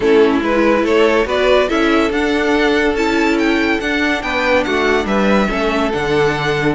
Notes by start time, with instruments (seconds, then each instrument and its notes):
0.00 cello A3, viola C#4, violin E4 A4
0.42 cello G#3, viola E4, violin B4
0.82 cello A3, violin A4 C#5
1.25 cello B3, viola F#4, violin B4 D5
1.68 cello C#4, viola E4, violin A4 E5
2.10 cello D4, viola D4, violin F#5
2.94 cello C#4, viola E4, violin A5
3.38 violin G5
3.80 cello D4, viola D4, violin F#5
4.22 cello B3, violin B4 G5
4.63 cello A3, violin F#4 F#5
5.05 cello G3, violin B4 E5
5.48 cello A3, viola C#4, violin A4
5.92 cello D3, viola D4, violin F#5